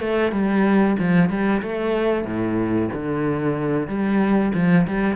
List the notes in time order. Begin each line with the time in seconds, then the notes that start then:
0.00 A3
0.32 G3
0.99 F3
1.30 G3
1.62 A3
2.25 A2
2.93 D3
3.88 G3
4.55 F3
4.87 G3